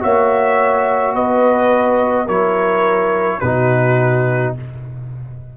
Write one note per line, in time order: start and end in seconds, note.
0.00 1.15 A#3
0.00 2.26 F#4
0.00 1.15 C#5
0.00 1.15 E5
1.15 2.28 B3
1.15 2.25 B4
1.15 2.28 D#5
2.25 3.41 F#3
2.25 3.41 E4
2.25 3.38 A#4
2.25 3.40 C#5
3.40 4.55 B2
3.40 4.57 D#4
3.40 4.55 F#4
3.40 4.53 B4